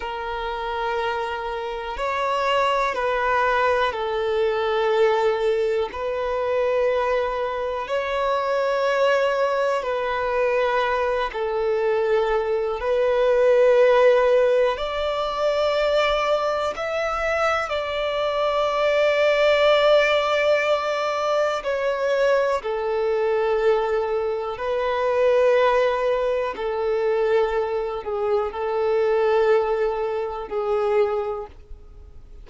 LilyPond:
\new Staff \with { instrumentName = "violin" } { \time 4/4 \tempo 4 = 61 ais'2 cis''4 b'4 | a'2 b'2 | cis''2 b'4. a'8~ | a'4 b'2 d''4~ |
d''4 e''4 d''2~ | d''2 cis''4 a'4~ | a'4 b'2 a'4~ | a'8 gis'8 a'2 gis'4 | }